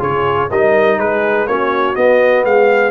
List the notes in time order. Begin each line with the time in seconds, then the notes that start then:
0.00 C#3 F4 G#4 C#5
0.51 G3 D#4 A#4 D#5
0.98 G#3 G#4 B4
1.47 A#3 C#4 F#4 C#5
1.95 B3 D#5
2.45 G#3 G#4 F5